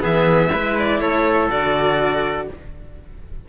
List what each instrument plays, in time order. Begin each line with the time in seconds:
0.00 cello E3 B3, trumpet G#4, violin E5
0.52 cello G#3 E4, trumpet B4
0.79 violin D5
1.00 cello A3, trumpet A4, violin C#5
1.49 cello D3 F#4, violin D5